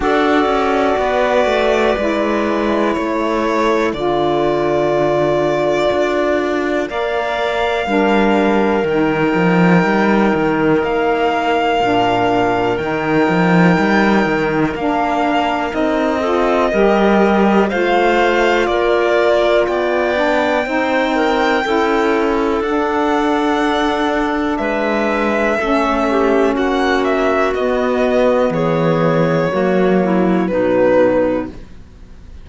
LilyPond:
<<
  \new Staff \with { instrumentName = "violin" } { \time 4/4 \tempo 4 = 61 d''2. cis''4 | d''2. f''4~ | f''4 g''2 f''4~ | f''4 g''2 f''4 |
dis''2 f''4 d''4 | g''2. fis''4~ | fis''4 e''2 fis''8 e''8 | dis''4 cis''2 b'4 | }
  \new Staff \with { instrumentName = "clarinet" } { \time 4/4 a'4 b'2 a'4~ | a'2. d''4 | ais'1~ | ais'1~ |
ais'8 a'8 ais'4 c''4 ais'4 | d''4 c''8 ais'8 a'2~ | a'4 b'4 a'8 g'8 fis'4~ | fis'4 gis'4 fis'8 e'8 dis'4 | }
  \new Staff \with { instrumentName = "saxophone" } { \time 4/4 fis'2 e'2 | f'2. ais'4 | d'4 dis'2. | d'4 dis'2 d'4 |
dis'8 f'8 g'4 f'2~ | f'8 d'8 dis'4 e'4 d'4~ | d'2 cis'2 | b2 ais4 fis4 | }
  \new Staff \with { instrumentName = "cello" } { \time 4/4 d'8 cis'8 b8 a8 gis4 a4 | d2 d'4 ais4 | g4 dis8 f8 g8 dis8 ais4 | ais,4 dis8 f8 g8 dis8 ais4 |
c'4 g4 a4 ais4 | b4 c'4 cis'4 d'4~ | d'4 gis4 a4 ais4 | b4 e4 fis4 b,4 | }
>>